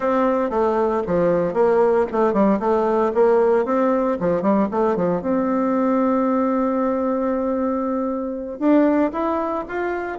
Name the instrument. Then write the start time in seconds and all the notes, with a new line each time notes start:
bassoon
0.00 C4
0.50 A3
1.06 F3
1.53 A#3
2.12 A3
2.33 G3
2.59 A3
3.14 A#3
3.65 C4
4.20 F3
4.42 G3
4.71 A3
4.96 F3
5.21 C4
8.59 D4
9.12 E4
9.68 F4